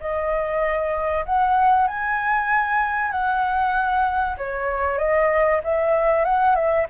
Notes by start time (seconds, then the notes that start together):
0.00 D#5
1.25 F#5
1.87 G#5
3.11 F#5
4.38 C#5
4.98 D#5
5.64 E5
6.24 F#5
6.55 E5